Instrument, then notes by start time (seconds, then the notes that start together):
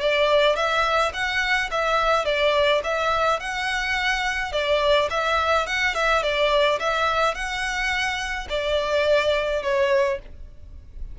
violin
0.00 D5
0.56 E5
1.13 F#5
1.71 E5
2.25 D5
2.84 E5
3.40 F#5
4.52 D5
5.10 E5
5.67 F#5
5.94 E5
6.22 D5
6.79 E5
7.34 F#5
8.49 D5
9.63 C#5